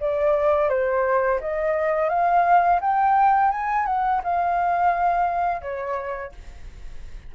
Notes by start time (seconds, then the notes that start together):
0.00 D5
0.69 C5
1.41 D#5
2.10 F5
2.81 G5
3.51 G#5
3.86 F#5
4.24 F5
5.61 C#5